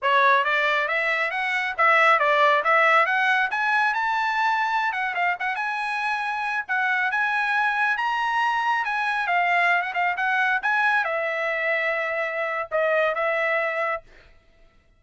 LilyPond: \new Staff \with { instrumentName = "trumpet" } { \time 4/4 \tempo 4 = 137 cis''4 d''4 e''4 fis''4 | e''4 d''4 e''4 fis''4 | gis''4 a''2~ a''16 fis''8 f''16~ | f''16 fis''8 gis''2~ gis''8 fis''8.~ |
fis''16 gis''2 ais''4.~ ais''16~ | ais''16 gis''4 f''4~ f''16 fis''16 f''8 fis''8.~ | fis''16 gis''4 e''2~ e''8.~ | e''4 dis''4 e''2 | }